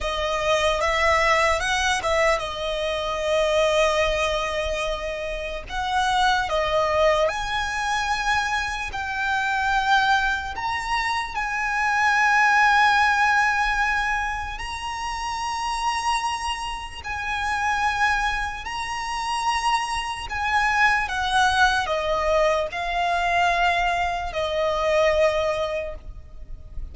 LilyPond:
\new Staff \with { instrumentName = "violin" } { \time 4/4 \tempo 4 = 74 dis''4 e''4 fis''8 e''8 dis''4~ | dis''2. fis''4 | dis''4 gis''2 g''4~ | g''4 ais''4 gis''2~ |
gis''2 ais''2~ | ais''4 gis''2 ais''4~ | ais''4 gis''4 fis''4 dis''4 | f''2 dis''2 | }